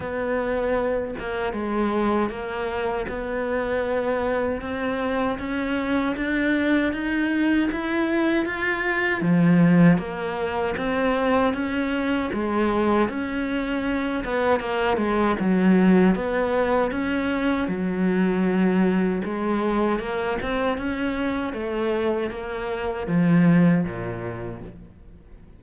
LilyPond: \new Staff \with { instrumentName = "cello" } { \time 4/4 \tempo 4 = 78 b4. ais8 gis4 ais4 | b2 c'4 cis'4 | d'4 dis'4 e'4 f'4 | f4 ais4 c'4 cis'4 |
gis4 cis'4. b8 ais8 gis8 | fis4 b4 cis'4 fis4~ | fis4 gis4 ais8 c'8 cis'4 | a4 ais4 f4 ais,4 | }